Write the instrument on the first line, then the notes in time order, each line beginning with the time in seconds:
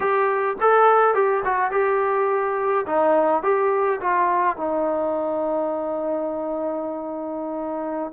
trombone
0.00 G4
0.61 A4
1.14 G4
1.44 F#4
1.71 G4
2.86 D#4
3.43 G4
4.00 F4
4.57 D#4